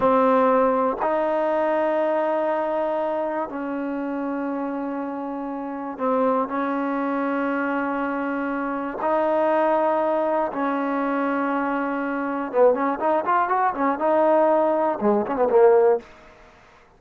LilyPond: \new Staff \with { instrumentName = "trombone" } { \time 4/4 \tempo 4 = 120 c'2 dis'2~ | dis'2. cis'4~ | cis'1 | c'4 cis'2.~ |
cis'2 dis'2~ | dis'4 cis'2.~ | cis'4 b8 cis'8 dis'8 f'8 fis'8 cis'8 | dis'2 gis8 cis'16 b16 ais4 | }